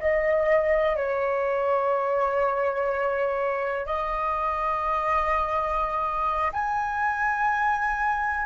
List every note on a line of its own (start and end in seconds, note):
0.00 0.96 D#5
0.96 3.86 C#5
3.86 6.52 D#5
6.53 8.46 G#5